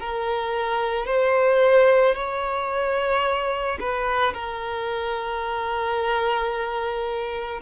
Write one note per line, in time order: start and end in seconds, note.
0.00 1.06 A#4
1.06 2.15 C5
2.15 3.78 C#5
3.80 4.33 B4
4.33 7.61 A#4